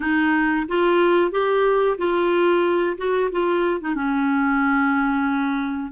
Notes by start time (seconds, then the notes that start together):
0.00 D#4
0.68 F4
1.31 G4
1.98 F4
2.97 F#4
3.31 F4
3.80 D#4
3.94 C#4